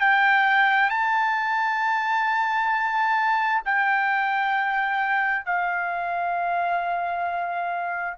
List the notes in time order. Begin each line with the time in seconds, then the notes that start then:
0.00 G5
0.89 A5
3.64 G5
5.45 F5